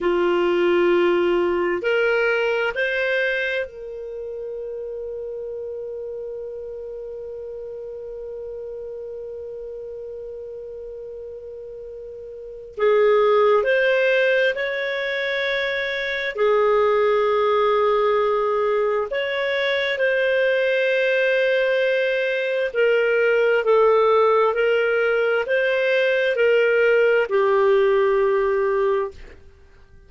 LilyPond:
\new Staff \with { instrumentName = "clarinet" } { \time 4/4 \tempo 4 = 66 f'2 ais'4 c''4 | ais'1~ | ais'1~ | ais'2 gis'4 c''4 |
cis''2 gis'2~ | gis'4 cis''4 c''2~ | c''4 ais'4 a'4 ais'4 | c''4 ais'4 g'2 | }